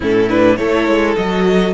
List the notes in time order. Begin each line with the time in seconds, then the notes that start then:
0.00 A2 C#4 E4 A4
0.28 D4 B4
0.56 A3 E4 A4 C#5
0.87 G#3
1.16 F#3 F#4 D#5